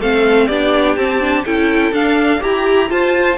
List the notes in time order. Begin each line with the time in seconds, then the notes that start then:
0.00 A3 C4 A4 F5
0.48 B3 D4 G4 D5
0.97 C4 A5
1.21 D4
1.45 C#4 E4 A4 G5
1.92 D4 F5
2.40 E4 G4 A#5
2.88 F4 C5 A5